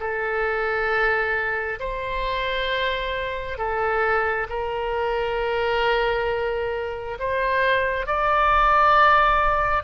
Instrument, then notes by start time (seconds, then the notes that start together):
oboe
0.00 A4
1.79 C5
3.57 A4
4.49 A#4
7.19 C5
8.06 D5